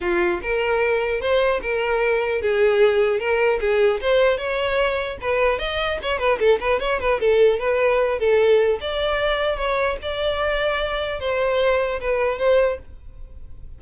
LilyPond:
\new Staff \with { instrumentName = "violin" } { \time 4/4 \tempo 4 = 150 f'4 ais'2 c''4 | ais'2 gis'2 | ais'4 gis'4 c''4 cis''4~ | cis''4 b'4 dis''4 cis''8 b'8 |
a'8 b'8 cis''8 b'8 a'4 b'4~ | b'8 a'4. d''2 | cis''4 d''2. | c''2 b'4 c''4 | }